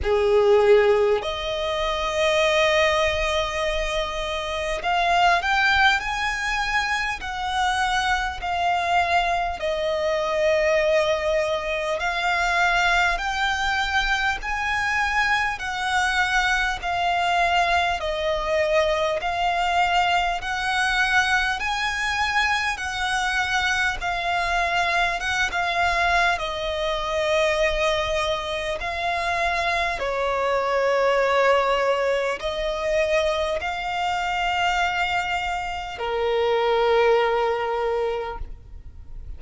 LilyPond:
\new Staff \with { instrumentName = "violin" } { \time 4/4 \tempo 4 = 50 gis'4 dis''2. | f''8 g''8 gis''4 fis''4 f''4 | dis''2 f''4 g''4 | gis''4 fis''4 f''4 dis''4 |
f''4 fis''4 gis''4 fis''4 | f''4 fis''16 f''8. dis''2 | f''4 cis''2 dis''4 | f''2 ais'2 | }